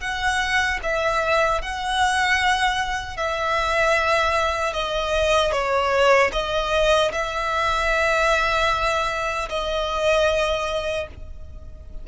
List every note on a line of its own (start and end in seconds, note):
0.00 0.79 F#5
0.83 1.61 E5
1.61 3.17 F#5
3.17 4.73 E5
4.73 5.52 D#5
5.52 6.31 C#5
6.32 7.11 D#5
7.12 9.48 E5
9.49 11.07 D#5